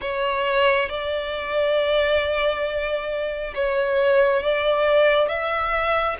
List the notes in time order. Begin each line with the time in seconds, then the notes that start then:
0.01 C#5
0.89 D5
3.55 C#5
4.42 D5
5.28 E5